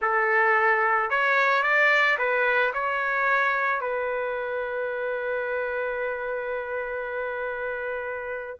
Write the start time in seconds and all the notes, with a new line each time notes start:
0.01 A4
1.10 C#5
1.62 D5
2.18 B4
2.73 C#5
3.81 B4